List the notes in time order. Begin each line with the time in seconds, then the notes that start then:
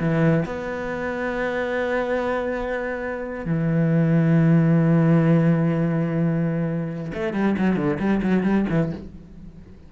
0.00 E3
0.45 B3
3.45 E3
7.14 A3
7.33 G3
7.58 F#3
7.76 D3
7.99 G3
8.23 F#3
8.43 G3
8.70 E3